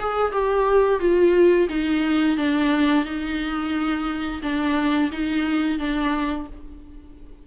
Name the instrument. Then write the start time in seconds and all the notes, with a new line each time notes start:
viola
0.00 G#4
0.32 G4
1.00 F4
1.70 D#4
2.37 D4
3.05 D#4
4.43 D4
5.12 D#4
5.79 D4